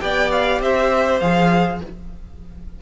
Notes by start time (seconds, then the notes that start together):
0.00 B3 G4 D5 G5
0.31 F5
0.60 C4 C5 E5
1.19 F3 G#4 F5